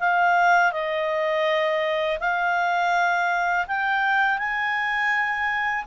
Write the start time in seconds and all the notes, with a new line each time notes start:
0.00 F5
0.72 D#5
2.20 F5
3.68 G5
4.38 G#5